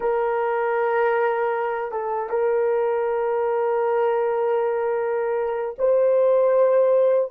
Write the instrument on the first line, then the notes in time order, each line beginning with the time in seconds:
horn
0.00 A#4
1.91 A4
2.29 A#4
5.78 C5